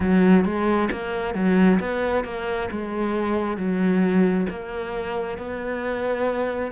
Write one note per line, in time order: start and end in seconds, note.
0.00 0.44 F#3
0.44 0.89 G#3
0.91 1.34 A#3
1.34 1.79 F#3
1.80 2.24 B3
2.24 2.69 A#3
2.71 3.57 G#3
3.57 4.46 F#3
4.49 5.38 A#3
5.38 6.71 B3